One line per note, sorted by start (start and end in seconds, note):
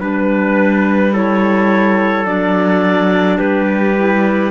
0.00 2.25 G3
0.00 1.12 D4
0.00 1.13 B4
0.00 1.15 B4
1.12 2.25 E4
1.12 3.38 A4
1.12 2.25 C#5
2.25 3.38 F#3
2.25 3.95 D4
2.25 3.38 D5
3.38 4.51 G3
3.38 4.51 G4
3.38 4.51 B4
3.98 4.51 E4